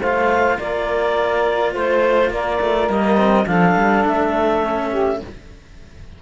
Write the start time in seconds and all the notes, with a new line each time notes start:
0.00 A3 F4 C5 F5
0.59 A#3 A#4 D5
1.73 A3 C5
2.30 A#3 A#4 D5
2.61 A3
2.88 G3 A#3 D#5
3.17 C4
3.47 F3 D4 A4 F5
3.76 G3
4.06 A3 E5
4.63 C#4
4.90 G4